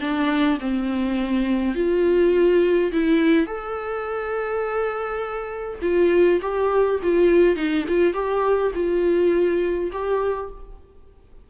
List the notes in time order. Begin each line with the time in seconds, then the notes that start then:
0.00 D4
0.60 C4
1.75 F4
2.92 E4
3.46 A4
5.81 F4
6.41 G4
7.03 F4
7.56 D#4
7.88 F4
8.13 G4
8.74 F4
9.92 G4